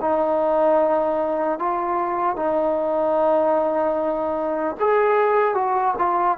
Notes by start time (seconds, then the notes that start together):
0.00 D#4
1.59 F4
2.36 D#4
4.80 G#4
5.54 F#4
5.98 F4